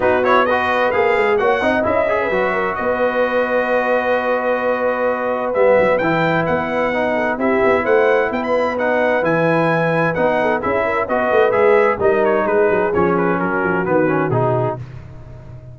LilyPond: <<
  \new Staff \with { instrumentName = "trumpet" } { \time 4/4 \tempo 4 = 130 b'8 cis''8 dis''4 f''4 fis''4 | e''2 dis''2~ | dis''1 | e''4 g''4 fis''2 |
e''4 fis''4 g''16 b''8. fis''4 | gis''2 fis''4 e''4 | dis''4 e''4 dis''8 cis''8 b'4 | cis''8 b'8 ais'4 b'4 gis'4 | }
  \new Staff \with { instrumentName = "horn" } { \time 4/4 fis'4 b'2 cis''8 dis''8~ | dis''8. b'8. ais'8 b'2~ | b'1~ | b'2.~ b'8 a'8 |
g'4 c''4 b'2~ | b'2~ b'8 a'8 gis'8 ais'8 | b'2 ais'4 gis'4~ | gis'4 fis'2. | }
  \new Staff \with { instrumentName = "trombone" } { \time 4/4 dis'8 e'8 fis'4 gis'4 fis'8 dis'8 | e'8 gis'8 fis'2.~ | fis'1 | b4 e'2 dis'4 |
e'2. dis'4 | e'2 dis'4 e'4 | fis'4 gis'4 dis'2 | cis'2 b8 cis'8 dis'4 | }
  \new Staff \with { instrumentName = "tuba" } { \time 4/4 b2 ais8 gis8 ais8 c'8 | cis'4 fis4 b2~ | b1 | g8 fis8 e4 b2 |
c'8 b8 a4 b2 | e2 b4 cis'4 | b8 a8 gis4 g4 gis8 fis8 | f4 fis8 f8 dis4 b,4 | }
>>